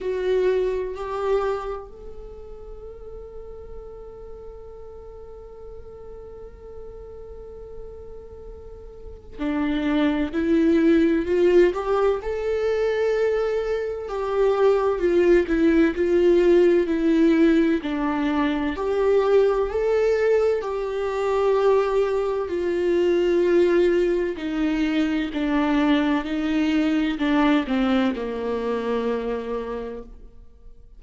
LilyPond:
\new Staff \with { instrumentName = "viola" } { \time 4/4 \tempo 4 = 64 fis'4 g'4 a'2~ | a'1~ | a'2 d'4 e'4 | f'8 g'8 a'2 g'4 |
f'8 e'8 f'4 e'4 d'4 | g'4 a'4 g'2 | f'2 dis'4 d'4 | dis'4 d'8 c'8 ais2 | }